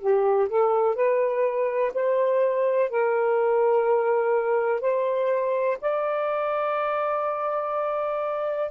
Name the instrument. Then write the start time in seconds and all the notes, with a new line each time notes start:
saxophone
0.00 G4
0.49 A4
0.95 B4
1.94 C5
2.90 A#4
4.81 C5
5.82 D5